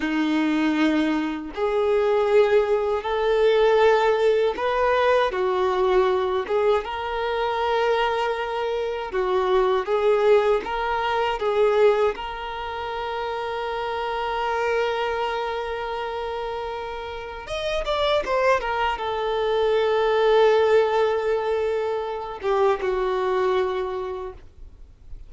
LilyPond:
\new Staff \with { instrumentName = "violin" } { \time 4/4 \tempo 4 = 79 dis'2 gis'2 | a'2 b'4 fis'4~ | fis'8 gis'8 ais'2. | fis'4 gis'4 ais'4 gis'4 |
ais'1~ | ais'2. dis''8 d''8 | c''8 ais'8 a'2.~ | a'4. g'8 fis'2 | }